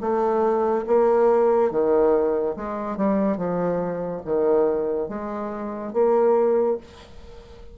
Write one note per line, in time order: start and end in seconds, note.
0.00 0.85 A3
0.87 1.71 A#3
1.71 2.55 D#3
2.56 2.97 G#3
2.97 3.36 G3
3.36 4.21 F3
4.24 5.08 D#3
5.08 5.93 G#3
5.93 6.77 A#3